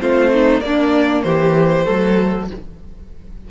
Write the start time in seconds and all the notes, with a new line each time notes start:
0.00 A3 C4 F4 C5
0.33 D#4
0.61 A#3 D4 D5
1.23 E3 G4 C5
1.84 F#3 A3 A4